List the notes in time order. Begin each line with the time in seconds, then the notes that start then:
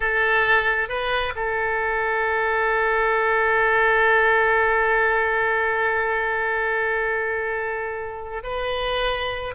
0.00 A4
0.88 B4
1.35 A4
8.43 B4